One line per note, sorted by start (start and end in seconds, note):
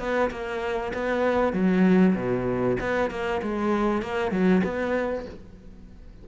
0.00 0.31 B3
0.31 0.93 A#3
0.94 1.54 B3
1.54 2.15 F#3
2.16 2.78 B2
2.81 3.11 B3
3.11 3.42 A#3
3.43 4.03 G#3
4.03 4.32 A#3
4.32 4.63 F#3
4.64 5.26 B3